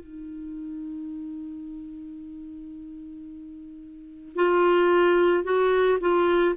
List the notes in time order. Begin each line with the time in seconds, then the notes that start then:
0.00 D#4
4.36 F4
5.44 F#4
6.00 F4